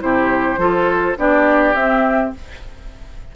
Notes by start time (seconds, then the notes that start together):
0.00 C3 E4 G4 C5
0.58 F3 F4 A4
1.17 B3 D4 G4 D5
1.75 C4 E5